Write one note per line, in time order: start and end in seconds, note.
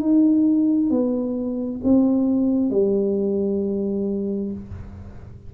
0.00 0.90 D#4
0.90 1.81 B3
1.84 2.70 C4
2.70 4.52 G3